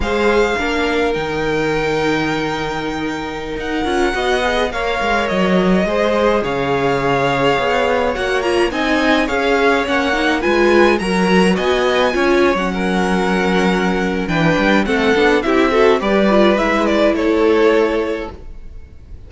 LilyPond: <<
  \new Staff \with { instrumentName = "violin" } { \time 4/4 \tempo 4 = 105 f''2 g''2~ | g''2~ g''16 fis''4.~ fis''16~ | fis''16 f''4 dis''2 f''8.~ | f''2~ f''16 fis''8 ais''8 gis''8.~ |
gis''16 f''4 fis''4 gis''4 ais''8.~ | ais''16 gis''4.~ gis''16 fis''2~ | fis''4 g''4 fis''4 e''4 | d''4 e''8 d''8 cis''2 | }
  \new Staff \with { instrumentName = "violin" } { \time 4/4 c''4 ais'2.~ | ais'2.~ ais'16 dis''8.~ | dis''16 cis''2 c''4 cis''8.~ | cis''2.~ cis''16 dis''8.~ |
dis''16 cis''2 b'4 ais'8.~ | ais'16 dis''4 cis''4 ais'4.~ ais'16~ | ais'4 b'4 a'4 g'8 a'8 | b'2 a'2 | }
  \new Staff \with { instrumentName = "viola" } { \time 4/4 gis'4 d'4 dis'2~ | dis'2~ dis'8. f'8 fis'8 gis'16~ | gis'16 ais'2 gis'4.~ gis'16~ | gis'2~ gis'16 fis'8 f'8 dis'8.~ |
dis'16 gis'4 cis'8 dis'8 f'4 fis'8.~ | fis'4~ fis'16 f'8. cis'2~ | cis'4 d'4 c'8 d'8 e'8 fis'8 | g'8 f'8 e'2. | }
  \new Staff \with { instrumentName = "cello" } { \time 4/4 gis4 ais4 dis2~ | dis2~ dis16 dis'8 cis'8 b8.~ | b16 ais8 gis8 fis4 gis4 cis8.~ | cis4~ cis16 b4 ais4 c'8.~ |
c'16 cis'4 ais4 gis4 fis8.~ | fis16 b4 cis'8. fis2~ | fis4 e8 g8 a8 b8 c'4 | g4 gis4 a2 | }
>>